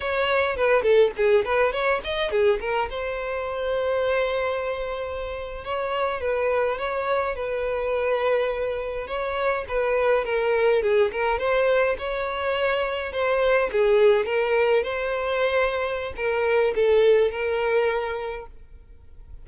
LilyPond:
\new Staff \with { instrumentName = "violin" } { \time 4/4 \tempo 4 = 104 cis''4 b'8 a'8 gis'8 b'8 cis''8 dis''8 | gis'8 ais'8 c''2.~ | c''4.~ c''16 cis''4 b'4 cis''16~ | cis''8. b'2. cis''16~ |
cis''8. b'4 ais'4 gis'8 ais'8 c''16~ | c''8. cis''2 c''4 gis'16~ | gis'8. ais'4 c''2~ c''16 | ais'4 a'4 ais'2 | }